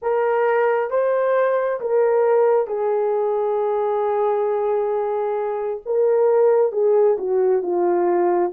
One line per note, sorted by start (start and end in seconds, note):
0.02 0.90 A#4
0.90 1.80 C5
1.80 2.67 A#4
2.67 5.80 G#4
5.85 6.72 A#4
6.72 7.16 G#4
7.18 7.62 F#4
7.62 8.52 F4